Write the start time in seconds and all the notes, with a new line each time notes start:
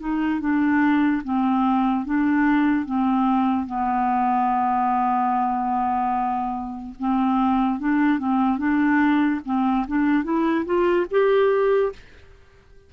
0.00 D#4
0.40 D4
1.24 C4
2.05 D4
2.86 C4
3.67 B3
6.99 C4
7.80 D4
8.19 C4
8.59 D4
9.46 C4
9.88 D4
10.24 E4
10.66 F4
11.11 G4